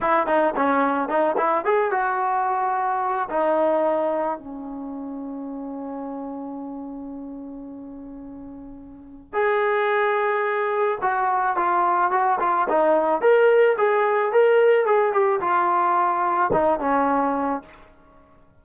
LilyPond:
\new Staff \with { instrumentName = "trombone" } { \time 4/4 \tempo 4 = 109 e'8 dis'8 cis'4 dis'8 e'8 gis'8 fis'8~ | fis'2 dis'2 | cis'1~ | cis'1~ |
cis'4 gis'2. | fis'4 f'4 fis'8 f'8 dis'4 | ais'4 gis'4 ais'4 gis'8 g'8 | f'2 dis'8 cis'4. | }